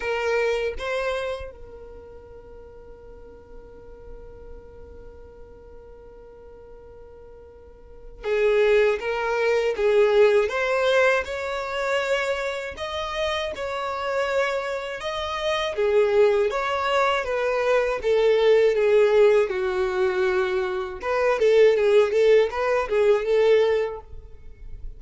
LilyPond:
\new Staff \with { instrumentName = "violin" } { \time 4/4 \tempo 4 = 80 ais'4 c''4 ais'2~ | ais'1~ | ais'2. gis'4 | ais'4 gis'4 c''4 cis''4~ |
cis''4 dis''4 cis''2 | dis''4 gis'4 cis''4 b'4 | a'4 gis'4 fis'2 | b'8 a'8 gis'8 a'8 b'8 gis'8 a'4 | }